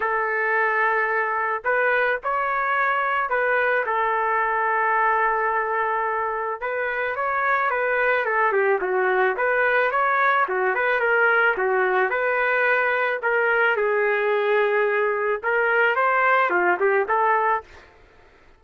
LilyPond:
\new Staff \with { instrumentName = "trumpet" } { \time 4/4 \tempo 4 = 109 a'2. b'4 | cis''2 b'4 a'4~ | a'1 | b'4 cis''4 b'4 a'8 g'8 |
fis'4 b'4 cis''4 fis'8 b'8 | ais'4 fis'4 b'2 | ais'4 gis'2. | ais'4 c''4 f'8 g'8 a'4 | }